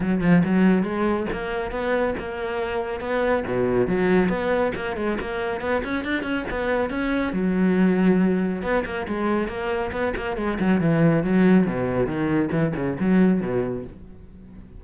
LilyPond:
\new Staff \with { instrumentName = "cello" } { \time 4/4 \tempo 4 = 139 fis8 f8 fis4 gis4 ais4 | b4 ais2 b4 | b,4 fis4 b4 ais8 gis8 | ais4 b8 cis'8 d'8 cis'8 b4 |
cis'4 fis2. | b8 ais8 gis4 ais4 b8 ais8 | gis8 fis8 e4 fis4 b,4 | dis4 e8 cis8 fis4 b,4 | }